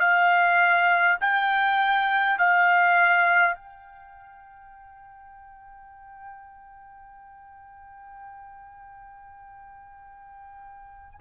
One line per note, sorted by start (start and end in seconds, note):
0.00 1.18 F5
1.20 2.38 G5
2.38 3.55 F5
3.55 11.19 G5